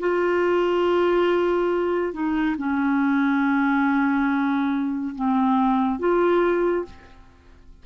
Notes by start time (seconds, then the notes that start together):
0.00 F4
2.14 D#4
2.58 C#4
5.15 C4
6.00 F4